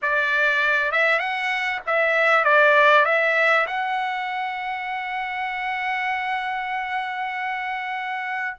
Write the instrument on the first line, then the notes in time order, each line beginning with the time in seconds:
trumpet
0.01 D5
0.91 E5
1.19 F#5
1.86 E5
2.44 D5
3.05 E5
3.66 F#5